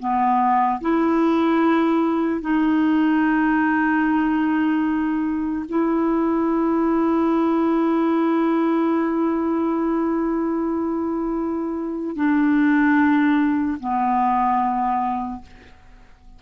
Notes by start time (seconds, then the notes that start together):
0.00 B3
0.81 E4
2.42 D#4
5.69 E4
12.16 D4
13.80 B3